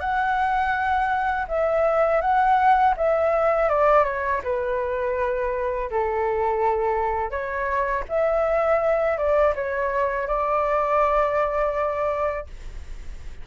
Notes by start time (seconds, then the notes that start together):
0.00 F#5
1.48 E5
2.22 F#5
2.97 E5
3.69 D5
4.04 C#5
4.44 B4
5.90 A4
7.31 C#5
8.09 E5
9.18 D5
9.55 C#5
10.27 D5